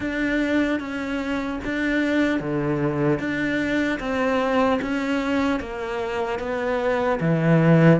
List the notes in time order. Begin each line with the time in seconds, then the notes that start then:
0.00 D4
0.79 C#4
1.64 D4
2.40 D3
3.19 D4
3.99 C4
4.81 C#4
5.60 A#3
6.39 B3
7.20 E3